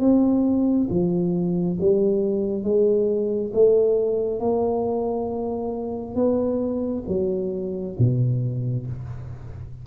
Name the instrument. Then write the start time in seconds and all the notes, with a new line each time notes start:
tuba
0.00 C4
0.90 F3
1.80 G3
2.64 G#3
3.54 A3
4.40 A#3
6.15 B3
7.08 F#3
7.99 B2